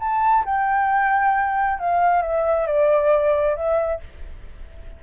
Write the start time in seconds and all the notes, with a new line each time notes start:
0.00 A5
0.46 G5
1.80 F5
2.22 E5
2.67 D5
3.57 E5